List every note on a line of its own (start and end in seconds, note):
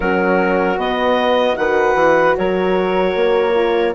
0.00 0.77 F#3
0.00 0.77 C#4
0.00 1.56 F#4
0.00 0.79 A#4
0.77 1.56 B3
0.77 1.56 D#5
1.56 1.94 D#3
1.56 3.54 F#4
1.56 2.37 B4
1.56 2.35 F#5
1.94 2.34 E3
2.37 3.15 F#3
2.37 3.95 A#4
2.37 3.95 C#5
3.15 3.94 A#3
3.54 3.94 F4